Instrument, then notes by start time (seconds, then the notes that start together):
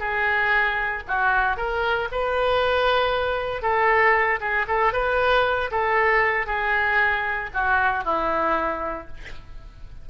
oboe
0.00 G#4
1.08 F#4
1.57 A#4
2.12 B4
3.63 A4
4.41 G#4
4.68 A4
4.93 B4
5.72 A4
6.47 G#4
7.54 F#4
8.05 E4